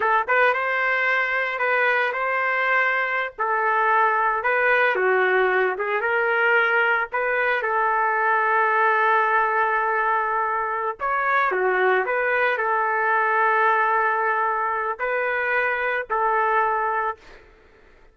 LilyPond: \new Staff \with { instrumentName = "trumpet" } { \time 4/4 \tempo 4 = 112 a'8 b'8 c''2 b'4 | c''2~ c''16 a'4.~ a'16~ | a'16 b'4 fis'4. gis'8 ais'8.~ | ais'4~ ais'16 b'4 a'4.~ a'16~ |
a'1~ | a'8 cis''4 fis'4 b'4 a'8~ | a'1 | b'2 a'2 | }